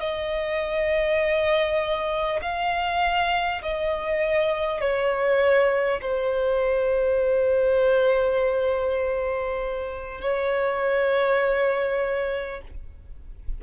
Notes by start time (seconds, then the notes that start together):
0.00 D#5
2.42 F5
3.63 D#5
4.81 C#5
6.02 C5
10.22 C#5